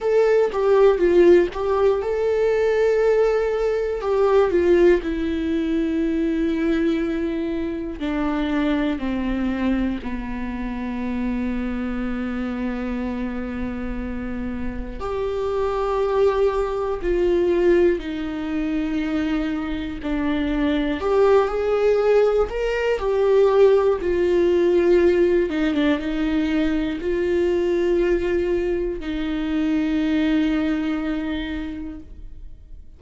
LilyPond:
\new Staff \with { instrumentName = "viola" } { \time 4/4 \tempo 4 = 60 a'8 g'8 f'8 g'8 a'2 | g'8 f'8 e'2. | d'4 c'4 b2~ | b2. g'4~ |
g'4 f'4 dis'2 | d'4 g'8 gis'4 ais'8 g'4 | f'4. dis'16 d'16 dis'4 f'4~ | f'4 dis'2. | }